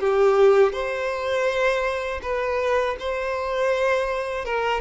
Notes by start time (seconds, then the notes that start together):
0.00 G4
0.73 C5
2.22 B4
2.99 C5
4.45 A#4